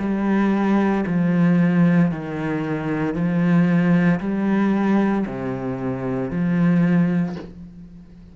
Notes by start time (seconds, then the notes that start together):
0.00 G3
1.07 F3
2.12 D#3
3.15 F3
4.21 G3
5.27 C3
6.31 F3